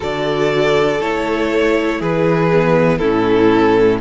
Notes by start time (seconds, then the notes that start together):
0.00 D3 F#4 A4 D5
1.00 A3 E4 C#5
1.99 E3 G#4 B4
2.51 B3
2.98 A2 C#4 E4 A4